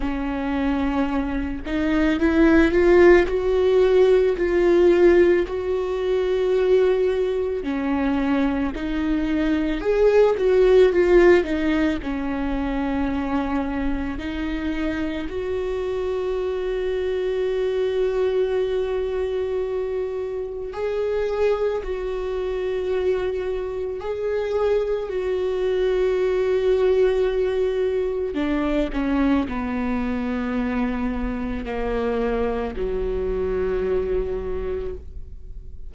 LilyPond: \new Staff \with { instrumentName = "viola" } { \time 4/4 \tempo 4 = 55 cis'4. dis'8 e'8 f'8 fis'4 | f'4 fis'2 cis'4 | dis'4 gis'8 fis'8 f'8 dis'8 cis'4~ | cis'4 dis'4 fis'2~ |
fis'2. gis'4 | fis'2 gis'4 fis'4~ | fis'2 d'8 cis'8 b4~ | b4 ais4 fis2 | }